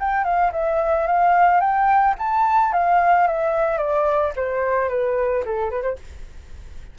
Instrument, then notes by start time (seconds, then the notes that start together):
flute
0.00 G5
0.24 F5
0.52 E5
1.07 F5
1.60 G5
2.19 A5
2.73 F5
3.27 E5
3.78 D5
4.36 C5
4.89 B4
5.45 A4
5.71 B4
5.83 C5